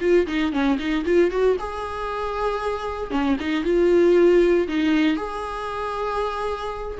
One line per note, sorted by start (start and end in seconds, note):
0.00 0.26 F4
0.27 0.52 D#4
0.52 0.78 C#4
0.79 1.04 D#4
1.05 1.31 F4
1.31 1.57 F#4
1.59 3.10 G#4
3.10 3.36 C#4
3.40 3.63 D#4
3.63 4.67 F4
4.68 5.16 D#4
5.16 6.97 G#4